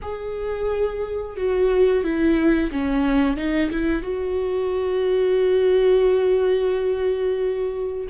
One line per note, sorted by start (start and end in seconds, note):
0.02 1.37 G#4
1.37 2.03 F#4
2.03 2.71 E4
2.71 3.36 C#4
3.36 3.70 D#4
3.70 4.02 E4
4.02 8.07 F#4